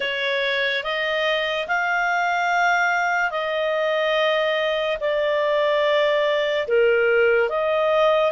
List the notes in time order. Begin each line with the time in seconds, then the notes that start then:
0.00 C#5
0.83 D#5
1.67 F5
3.31 D#5
5.00 D5
6.67 A#4
7.49 D#5